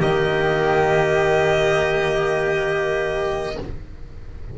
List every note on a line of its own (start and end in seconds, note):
0.00 3.57 D#3
0.00 3.58 A#3
0.00 3.58 G4
0.00 3.59 D#5